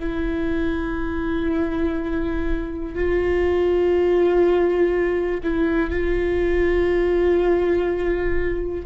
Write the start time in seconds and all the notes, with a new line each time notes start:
0.00 E4
2.95 F4
5.44 E4
5.91 F4